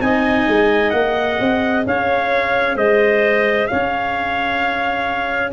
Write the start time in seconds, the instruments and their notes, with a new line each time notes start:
0.00 tuba C4, cello D#4, clarinet D#5, trumpet G#5
0.47 tuba G#3
0.90 tuba A#3, cello G#4, trumpet F#5
1.39 tuba C4
1.86 tuba C#4, clarinet C#5, trumpet F5
2.75 tuba G#3, clarinet C5, trumpet D#5
3.67 tuba C#4, clarinet C#5, trumpet F5